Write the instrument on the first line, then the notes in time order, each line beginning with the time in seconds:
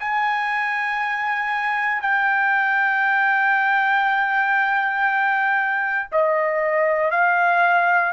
trumpet
0.00 G#5
2.02 G5
6.12 D#5
7.11 F5